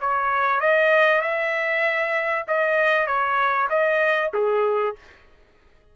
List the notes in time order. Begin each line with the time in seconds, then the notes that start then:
0.00 C#5
0.60 D#5
1.21 E5
2.47 D#5
3.06 C#5
3.69 D#5
4.33 G#4